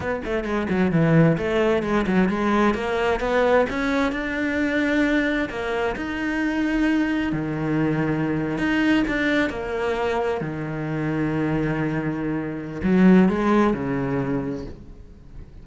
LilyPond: \new Staff \with { instrumentName = "cello" } { \time 4/4 \tempo 4 = 131 b8 a8 gis8 fis8 e4 a4 | gis8 fis8 gis4 ais4 b4 | cis'4 d'2. | ais4 dis'2. |
dis2~ dis8. dis'4 d'16~ | d'8. ais2 dis4~ dis16~ | dis1 | fis4 gis4 cis2 | }